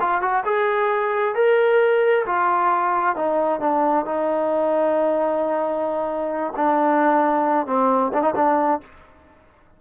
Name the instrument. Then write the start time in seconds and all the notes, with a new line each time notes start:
trombone
0.00 F4
0.21 F#4
0.45 G#4
1.35 A#4
2.26 F4
3.15 D#4
3.60 D4
4.05 D#4
6.56 D4
7.67 C4
8.13 D4
8.22 D#4
8.35 D4